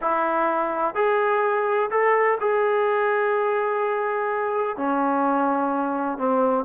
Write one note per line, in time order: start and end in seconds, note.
0.01 0.94 E4
0.94 1.90 G#4
1.90 2.38 A4
2.40 4.76 G#4
4.76 6.18 C#4
6.18 6.64 C4